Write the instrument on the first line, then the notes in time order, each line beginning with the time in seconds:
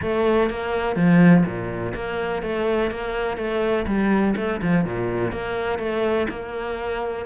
cello
0.01 A3
0.50 A#3
0.96 F3
1.45 A#2
1.94 A#3
2.42 A3
2.90 A#3
3.37 A3
3.86 G3
4.36 A3
4.62 F3
4.85 A#2
5.32 A#3
5.78 A3
6.29 A#3